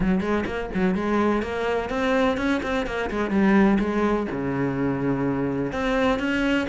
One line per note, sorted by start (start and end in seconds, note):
0.00 0.20 F#3
0.20 0.44 G#3
0.46 0.69 A#3
0.73 0.94 F#3
0.94 1.42 G#3
1.42 1.89 A#3
1.89 2.37 C4
2.37 2.61 C#4
2.62 2.86 C4
2.86 3.10 A#3
3.10 3.30 G#3
3.30 3.78 G3
3.79 4.27 G#3
4.31 5.72 C#3
5.72 6.19 C4
6.19 6.67 C#4